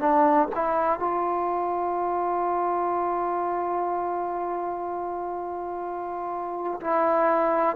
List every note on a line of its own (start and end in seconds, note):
0.00 0.48 D4
0.55 0.99 E4
0.99 6.80 F4
6.80 7.76 E4